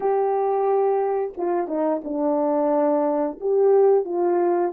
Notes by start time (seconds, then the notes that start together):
0.00 G4
1.37 F4
1.67 D#4
2.04 D4
3.40 G4
4.04 F4